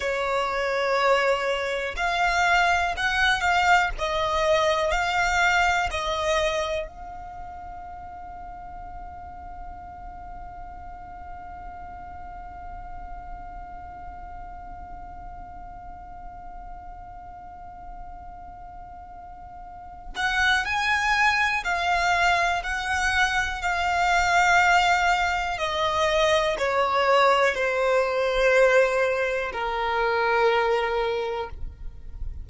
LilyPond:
\new Staff \with { instrumentName = "violin" } { \time 4/4 \tempo 4 = 61 cis''2 f''4 fis''8 f''8 | dis''4 f''4 dis''4 f''4~ | f''1~ | f''1~ |
f''1~ | f''8 fis''8 gis''4 f''4 fis''4 | f''2 dis''4 cis''4 | c''2 ais'2 | }